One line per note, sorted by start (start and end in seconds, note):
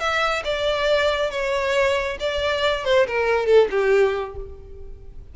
0.00 0.43 E5
0.44 1.31 D5
1.31 2.18 C#5
2.20 2.85 D5
2.85 3.07 C5
3.07 3.47 A#4
3.47 3.68 A4
3.71 4.36 G4